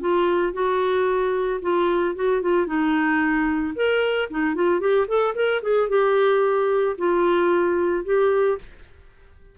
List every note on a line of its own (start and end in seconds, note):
0.00 0.53 F4
0.53 1.60 F#4
1.61 2.15 F4
2.15 2.41 F#4
2.41 2.66 F4
2.66 3.74 D#4
3.75 4.29 A#4
4.30 4.55 D#4
4.55 4.80 F4
4.80 5.06 G4
5.07 5.34 A4
5.34 5.61 A#4
5.62 5.89 G#4
5.89 6.96 G4
6.97 8.04 F4
8.04 8.58 G4